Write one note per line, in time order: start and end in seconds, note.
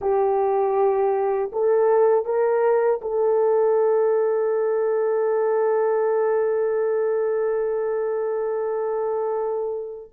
0.01 1.51 G4
1.52 2.25 A4
2.25 3.00 A#4
3.01 10.12 A4